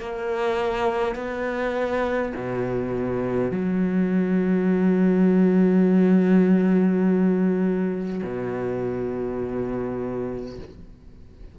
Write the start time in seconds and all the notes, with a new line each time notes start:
0.00 A#3
1.16 B3
2.36 B2
3.51 F#3
8.23 B2